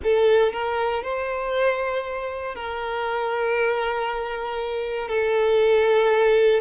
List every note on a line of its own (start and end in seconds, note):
0.03 0.52 A4
0.52 1.03 A#4
1.03 2.55 C5
2.55 5.08 A#4
5.08 6.60 A4